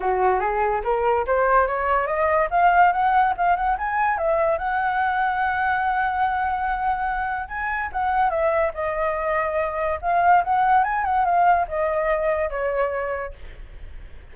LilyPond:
\new Staff \with { instrumentName = "flute" } { \time 4/4 \tempo 4 = 144 fis'4 gis'4 ais'4 c''4 | cis''4 dis''4 f''4 fis''4 | f''8 fis''8 gis''4 e''4 fis''4~ | fis''1~ |
fis''2 gis''4 fis''4 | e''4 dis''2. | f''4 fis''4 gis''8 fis''8 f''4 | dis''2 cis''2 | }